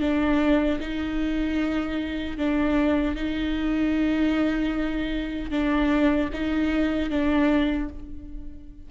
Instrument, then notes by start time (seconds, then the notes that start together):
viola
0.00 D4
0.80 D#4
2.37 D4
3.15 D#4
5.50 D4
6.33 D#4
7.10 D4